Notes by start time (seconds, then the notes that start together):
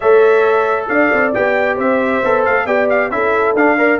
0.00 A3 A4 C#5 E5
0.88 D4 D5 F5
1.12 C4
1.33 B3 G4 G5
1.75 C4 C5 E5
2.23 B3 A4
2.45 A3 F5
2.66 B3 G4 D5 G5
2.89 F5
3.10 C#4 E4 A4 E5
3.54 D4 F5
3.77 A#4 D5